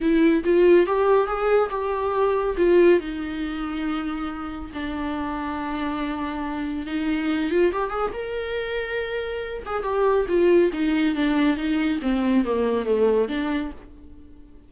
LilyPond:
\new Staff \with { instrumentName = "viola" } { \time 4/4 \tempo 4 = 140 e'4 f'4 g'4 gis'4 | g'2 f'4 dis'4~ | dis'2. d'4~ | d'1 |
dis'4. f'8 g'8 gis'8 ais'4~ | ais'2~ ais'8 gis'8 g'4 | f'4 dis'4 d'4 dis'4 | c'4 ais4 a4 d'4 | }